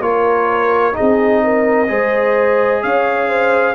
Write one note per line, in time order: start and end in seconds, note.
0.00 0.94 A#3
0.00 0.94 F4
0.00 0.97 A#4
0.00 0.96 C#5
0.94 1.87 D#4
0.94 1.44 G#4
0.94 2.83 D#5
1.01 1.90 C4
1.44 1.90 A#4
1.88 2.84 G#3
1.88 3.75 G#4
1.88 2.84 C5
2.83 3.75 C#4
2.83 3.29 C#5
2.83 3.75 F5
3.29 3.75 C5